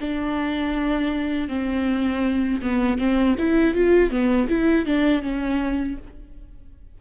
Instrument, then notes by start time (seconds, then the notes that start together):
viola
0.00 D4
1.48 C4
2.61 B3
2.98 C4
3.38 E4
3.74 F4
4.10 B3
4.48 E4
4.85 D4
5.22 C#4